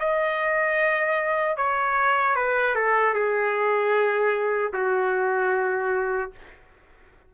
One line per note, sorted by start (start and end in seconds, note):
0.00 1.58 D#5
1.58 2.36 C#5
2.36 2.76 B4
2.76 3.14 A4
3.14 4.72 G#4
4.74 6.32 F#4